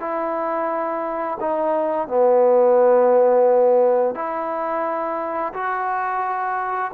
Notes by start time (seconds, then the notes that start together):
0.00 E4
1.40 D#4
2.08 B3
4.15 E4
5.54 F#4